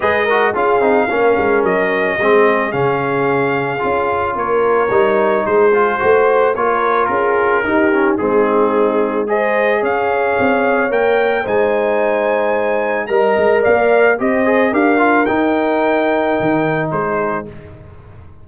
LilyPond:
<<
  \new Staff \with { instrumentName = "trumpet" } { \time 4/4 \tempo 4 = 110 dis''4 f''2 dis''4~ | dis''4 f''2. | cis''2 c''2 | cis''4 ais'2 gis'4~ |
gis'4 dis''4 f''2 | g''4 gis''2. | ais''4 f''4 dis''4 f''4 | g''2. c''4 | }
  \new Staff \with { instrumentName = "horn" } { \time 4/4 b'8 ais'8 gis'4 ais'2 | gis'1 | ais'2 gis'4 c''4 | ais'4 gis'4 g'4 dis'4~ |
dis'4 c''4 cis''2~ | cis''4 c''2. | dis''4 d''4 c''4 ais'4~ | ais'2. gis'4 | }
  \new Staff \with { instrumentName = "trombone" } { \time 4/4 gis'8 fis'8 f'8 dis'8 cis'2 | c'4 cis'2 f'4~ | f'4 dis'4. f'8 fis'4 | f'2 dis'8 cis'8 c'4~ |
c'4 gis'2. | ais'4 dis'2. | ais'2 g'8 gis'8 g'8 f'8 | dis'1 | }
  \new Staff \with { instrumentName = "tuba" } { \time 4/4 gis4 cis'8 c'8 ais8 gis8 fis4 | gis4 cis2 cis'4 | ais4 g4 gis4 a4 | ais4 cis'4 dis'4 gis4~ |
gis2 cis'4 c'4 | ais4 gis2. | g8 gis8 ais4 c'4 d'4 | dis'2 dis4 gis4 | }
>>